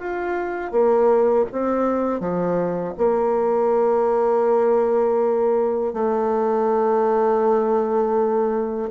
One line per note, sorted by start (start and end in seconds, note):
0.00 0.72 F4
0.72 1.46 A#3
1.53 2.21 C4
2.21 2.95 F3
2.98 5.94 A#3
5.94 8.90 A3